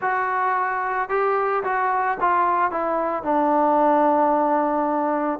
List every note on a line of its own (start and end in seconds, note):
0.01 1.09 F#4
1.09 1.63 G4
1.63 2.17 F#4
2.20 2.71 F4
2.71 3.23 E4
3.23 5.39 D4